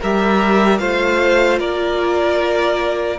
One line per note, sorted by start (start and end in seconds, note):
0.00 0.80 G3
0.00 0.78 G4
0.00 0.80 A#4
0.00 0.78 E5
0.78 1.59 A3
0.78 3.18 F4
0.78 1.59 C5
0.78 1.58 F5
1.59 3.18 A#3
1.59 3.18 A#4
1.59 3.18 D5